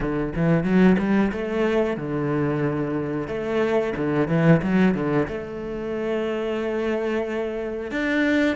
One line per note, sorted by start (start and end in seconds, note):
0.00 0.33 D3
0.35 0.63 E3
0.63 0.96 F#3
0.98 1.31 G3
1.32 1.97 A3
1.97 3.27 D3
3.27 3.93 A3
3.97 4.28 D3
4.28 4.61 E3
4.62 4.94 F#3
4.94 5.27 D3
5.28 7.91 A3
7.91 8.56 D4